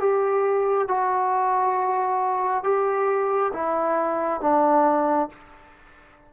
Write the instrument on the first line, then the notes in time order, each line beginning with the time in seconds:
trombone
0.00 G4
0.89 F#4
2.64 G4
3.53 E4
4.41 D4